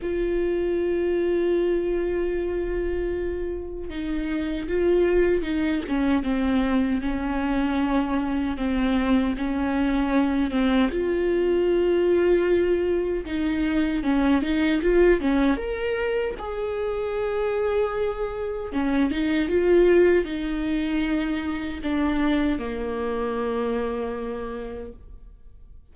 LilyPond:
\new Staff \with { instrumentName = "viola" } { \time 4/4 \tempo 4 = 77 f'1~ | f'4 dis'4 f'4 dis'8 cis'8 | c'4 cis'2 c'4 | cis'4. c'8 f'2~ |
f'4 dis'4 cis'8 dis'8 f'8 cis'8 | ais'4 gis'2. | cis'8 dis'8 f'4 dis'2 | d'4 ais2. | }